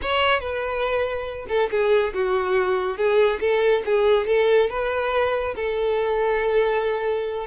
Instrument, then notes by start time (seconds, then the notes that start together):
violin
0.02 C#5
0.39 B4
1.48 A4
1.70 G#4
2.13 F#4
2.97 G#4
3.40 A4
3.85 G#4
4.26 A4
4.69 B4
5.55 A4